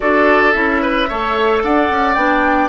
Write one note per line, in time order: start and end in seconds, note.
0.00 0.54 D4
0.00 0.53 F#4
0.00 0.82 A4
0.00 0.51 D5
0.51 1.08 C#4
0.51 1.07 E4
0.51 1.60 E5
0.82 1.08 B4
1.08 1.64 A3
1.08 2.16 A4
1.08 1.62 C#5
1.63 1.90 D4
1.63 2.69 D5
1.63 2.14 F#5
1.90 2.16 C#4
2.14 2.69 B3
2.14 2.69 D4
2.14 2.68 G5